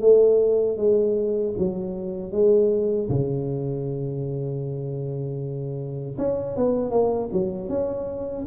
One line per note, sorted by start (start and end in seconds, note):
0.00 0.77 A3
0.77 1.54 G#3
1.58 2.31 F#3
2.31 3.08 G#3
3.09 6.17 C#3
6.18 6.56 C#4
6.56 6.91 B3
6.91 7.29 A#3
7.32 7.69 F#3
7.69 8.45 C#4